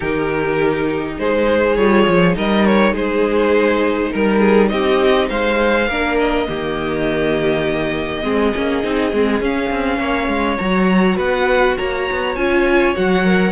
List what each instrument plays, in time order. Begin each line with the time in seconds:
0.00 cello D#3, viola D#4, violin G4 A#4
1.18 cello G#3, violin G#4 C5
1.76 cello G3, viola F4, violin C#5
2.07 cello F3
2.33 cello G3, viola D#4, violin A#4 D#5
2.65 violin C#5
2.91 cello G#3, violin G#4 C5
4.11 cello G3, violin A#4
4.39 violin G#4
4.69 cello C4, violin G4 D#5
5.29 cello G#3, violin C5 F5
5.88 cello A#3, viola D4, violin A#4
6.19 violin D#5
6.47 cello D#3, viola A#3, violin G4
8.23 cello G#3, viola C4, violin G#4
8.55 cello A#3, viola C#4
8.83 cello C4, viola D#4
9.12 cello G#3, viola C4
9.40 cello C#4, viola C#4, violin F5
9.70 cello C4
9.98 cello A#3, violin C#5
10.27 cello G#3
10.57 cello F#3, viola F#4, violin A#5
11.16 cello B3, violin B4 F#5
11.77 cello A#3, violin C#5 A#5
12.11 cello B3
12.35 cello C#4, viola F4, violin G#5
12.95 cello F#3, viola F#4, violin F#5
13.24 viola A#4